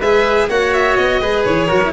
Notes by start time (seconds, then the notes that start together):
0.00 G#3 G#4 B4 E5
0.49 A#3 F#4 C#5 F#5
0.74 E5
0.96 B3 D#5
1.20 G#3 G#4 B4
1.45 E3 C#5
1.67 F#3 F#4 A#4
1.83 E4